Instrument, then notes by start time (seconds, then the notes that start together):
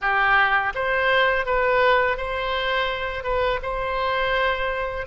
oboe
0.01 G4
0.74 C5
1.45 B4
2.17 C5
3.23 B4
3.62 C5